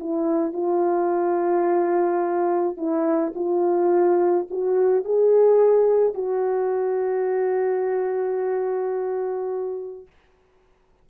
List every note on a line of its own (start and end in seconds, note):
0.00 0.53 E4
0.53 2.77 F4
2.77 3.33 E4
3.35 4.47 F4
4.50 5.05 F#4
5.05 6.15 G#4
6.15 10.07 F#4